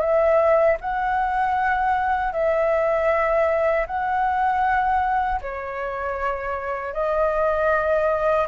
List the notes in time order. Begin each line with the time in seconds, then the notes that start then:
0.00 E5
0.80 F#5
2.33 E5
3.86 F#5
5.41 C#5
6.93 D#5